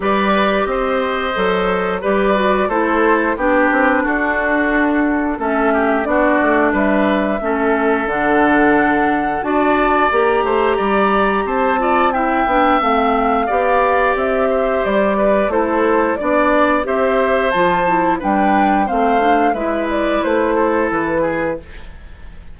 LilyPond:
<<
  \new Staff \with { instrumentName = "flute" } { \time 4/4 \tempo 4 = 89 d''4 dis''2 d''4 | c''4 b'4 a'2 | e''4 d''4 e''2 | fis''2 a''4 ais''4~ |
ais''4 a''4 g''4 f''4~ | f''4 e''4 d''4 c''4 | d''4 e''4 a''4 g''4 | f''4 e''8 d''8 c''4 b'4 | }
  \new Staff \with { instrumentName = "oboe" } { \time 4/4 b'4 c''2 b'4 | a'4 g'4 fis'2 | a'8 g'8 fis'4 b'4 a'4~ | a'2 d''4. c''8 |
d''4 c''8 d''8 e''2 | d''4. c''4 b'8 a'4 | d''4 c''2 b'4 | c''4 b'4. a'4 gis'8 | }
  \new Staff \with { instrumentName = "clarinet" } { \time 4/4 g'2 a'4 g'8 fis'8 | e'4 d'2. | cis'4 d'2 cis'4 | d'2 fis'4 g'4~ |
g'4. f'8 e'8 d'8 c'4 | g'2. e'4 | d'4 g'4 f'8 e'8 d'4 | c'8 d'8 e'2. | }
  \new Staff \with { instrumentName = "bassoon" } { \time 4/4 g4 c'4 fis4 g4 | a4 b8 c'8 d'2 | a4 b8 a8 g4 a4 | d2 d'4 ais8 a8 |
g4 c'4. b8 a4 | b4 c'4 g4 a4 | b4 c'4 f4 g4 | a4 gis4 a4 e4 | }
>>